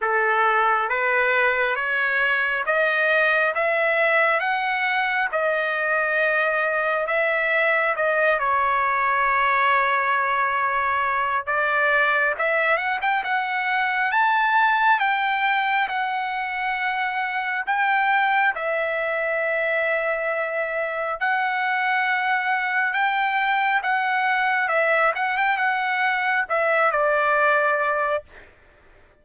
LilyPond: \new Staff \with { instrumentName = "trumpet" } { \time 4/4 \tempo 4 = 68 a'4 b'4 cis''4 dis''4 | e''4 fis''4 dis''2 | e''4 dis''8 cis''2~ cis''8~ | cis''4 d''4 e''8 fis''16 g''16 fis''4 |
a''4 g''4 fis''2 | g''4 e''2. | fis''2 g''4 fis''4 | e''8 fis''16 g''16 fis''4 e''8 d''4. | }